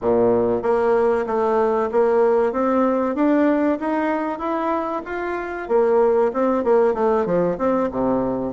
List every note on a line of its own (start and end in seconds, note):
0.01 0.62 A#2
0.62 1.25 A#3
1.26 1.89 A3
1.91 2.52 A#3
2.52 3.15 C4
3.15 3.78 D4
3.80 4.38 D#4
4.38 5.02 E4
5.05 5.68 F4
5.68 6.31 A#3
6.33 6.64 C4
6.64 6.94 A#3
6.94 7.25 A3
7.25 7.57 F3
7.58 7.89 C4
7.91 8.53 C3